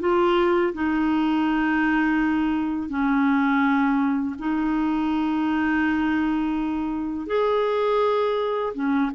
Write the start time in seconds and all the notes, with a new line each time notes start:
0.00 F4
0.74 D#4
2.89 C#4
4.39 D#4
7.27 G#4
8.74 C#4